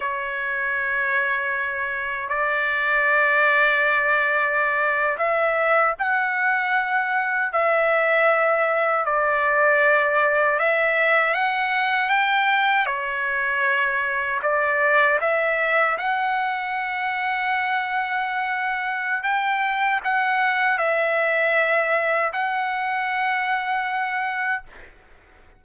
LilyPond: \new Staff \with { instrumentName = "trumpet" } { \time 4/4 \tempo 4 = 78 cis''2. d''4~ | d''2~ d''8. e''4 fis''16~ | fis''4.~ fis''16 e''2 d''16~ | d''4.~ d''16 e''4 fis''4 g''16~ |
g''8. cis''2 d''4 e''16~ | e''8. fis''2.~ fis''16~ | fis''4 g''4 fis''4 e''4~ | e''4 fis''2. | }